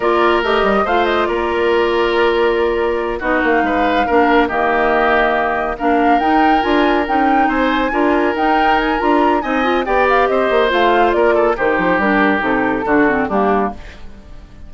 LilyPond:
<<
  \new Staff \with { instrumentName = "flute" } { \time 4/4 \tempo 4 = 140 d''4 dis''4 f''8 dis''8 d''4~ | d''2.~ d''8 dis''8 | f''2~ f''8 dis''4.~ | dis''4. f''4 g''4 gis''8~ |
gis''8 g''4 gis''2 g''8~ | g''8 gis''8 ais''4 gis''4 g''8 f''8 | dis''4 f''4 d''4 c''4 | ais'4 a'2 g'4 | }
  \new Staff \with { instrumentName = "oboe" } { \time 4/4 ais'2 c''4 ais'4~ | ais'2.~ ais'8 fis'8~ | fis'8 b'4 ais'4 g'4.~ | g'4. ais'2~ ais'8~ |
ais'4. c''4 ais'4.~ | ais'2 dis''4 d''4 | c''2 ais'8 a'8 g'4~ | g'2 fis'4 d'4 | }
  \new Staff \with { instrumentName = "clarinet" } { \time 4/4 f'4 g'4 f'2~ | f'2.~ f'8 dis'8~ | dis'4. d'4 ais4.~ | ais4. d'4 dis'4 f'8~ |
f'8 dis'2 f'4 dis'8~ | dis'4 f'4 dis'8 f'8 g'4~ | g'4 f'2 dis'4 | d'4 dis'4 d'8 c'8 ais4 | }
  \new Staff \with { instrumentName = "bassoon" } { \time 4/4 ais4 a8 g8 a4 ais4~ | ais2.~ ais8 b8 | ais8 gis4 ais4 dis4.~ | dis4. ais4 dis'4 d'8~ |
d'8 cis'4 c'4 d'4 dis'8~ | dis'4 d'4 c'4 b4 | c'8 ais8 a4 ais4 dis8 f8 | g4 c4 d4 g4 | }
>>